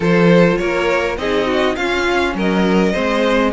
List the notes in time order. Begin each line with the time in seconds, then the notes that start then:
0.00 F3 F4 A4 C5
0.57 A#3 A#4 C#5
1.17 C4 D#4 G#4 D#5
1.46 F#4
1.75 C#4 F4 F5
2.34 F#3 A#4 D#5
2.92 G#3 C4 C5